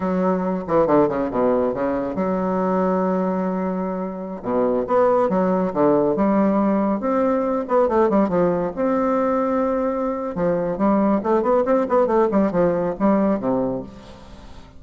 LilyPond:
\new Staff \with { instrumentName = "bassoon" } { \time 4/4 \tempo 4 = 139 fis4. e8 d8 cis8 b,4 | cis4 fis2.~ | fis2~ fis16 b,4 b8.~ | b16 fis4 d4 g4.~ g16~ |
g16 c'4. b8 a8 g8 f8.~ | f16 c'2.~ c'8. | f4 g4 a8 b8 c'8 b8 | a8 g8 f4 g4 c4 | }